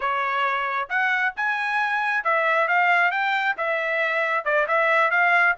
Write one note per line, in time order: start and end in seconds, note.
0.00 0.88 C#5
0.89 1.33 F#5
1.36 2.24 G#5
2.24 2.68 E5
2.68 3.11 F5
3.11 3.55 G5
3.57 4.44 E5
4.44 4.66 D5
4.67 5.10 E5
5.10 5.55 F5